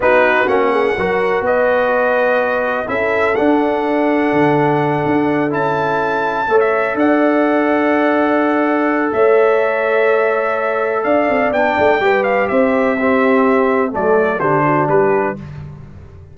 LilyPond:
<<
  \new Staff \with { instrumentName = "trumpet" } { \time 4/4 \tempo 4 = 125 b'4 fis''2 dis''4~ | dis''2 e''4 fis''4~ | fis''2.~ fis''8 a''8~ | a''4.~ a''16 e''8. fis''4.~ |
fis''2. e''4~ | e''2. f''4 | g''4. f''8 e''2~ | e''4 d''4 c''4 b'4 | }
  \new Staff \with { instrumentName = "horn" } { \time 4/4 fis'4. gis'8 ais'4 b'4~ | b'2 a'2~ | a'1~ | a'4. cis''4 d''4.~ |
d''2. cis''4~ | cis''2. d''4~ | d''4 b'4 c''4 g'4~ | g'4 a'4 g'8 fis'8 g'4 | }
  \new Staff \with { instrumentName = "trombone" } { \time 4/4 dis'4 cis'4 fis'2~ | fis'2 e'4 d'4~ | d'2.~ d'8 e'8~ | e'4. a'2~ a'8~ |
a'1~ | a'1 | d'4 g'2 c'4~ | c'4 a4 d'2 | }
  \new Staff \with { instrumentName = "tuba" } { \time 4/4 b4 ais4 fis4 b4~ | b2 cis'4 d'4~ | d'4 d4. d'4 cis'8~ | cis'4. a4 d'4.~ |
d'2. a4~ | a2. d'8 c'8 | b8 a8 g4 c'2~ | c'4 fis4 d4 g4 | }
>>